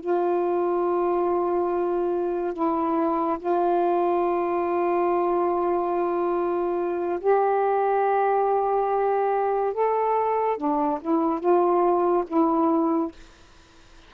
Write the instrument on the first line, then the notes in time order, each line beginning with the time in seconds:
saxophone
0.00 F4
2.54 E4
3.40 F4
7.20 G4
9.74 A4
10.57 D4
11.02 E4
11.40 F4
12.28 E4